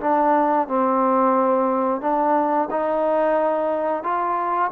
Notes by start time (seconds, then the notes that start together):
0.00 D4
0.68 C4
2.01 D4
2.70 D#4
4.03 F4